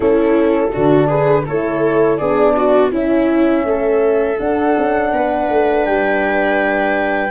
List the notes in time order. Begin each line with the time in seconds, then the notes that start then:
0.00 A3 C#4 E4 A4
0.72 D3 D4 F#4
1.07 G#4 B4
1.46 A3 E4 A4 C#5
2.17 B3 D4 G#4 D5
2.56 F#4
2.91 C#4 E4 E5
3.64 A3 A4
4.37 D4 F#5
4.77 C#4
5.12 B3 B4
5.49 A3
5.85 G3 G5